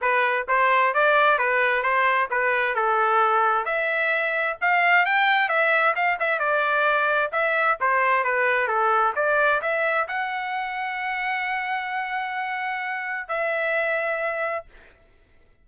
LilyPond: \new Staff \with { instrumentName = "trumpet" } { \time 4/4 \tempo 4 = 131 b'4 c''4 d''4 b'4 | c''4 b'4 a'2 | e''2 f''4 g''4 | e''4 f''8 e''8 d''2 |
e''4 c''4 b'4 a'4 | d''4 e''4 fis''2~ | fis''1~ | fis''4 e''2. | }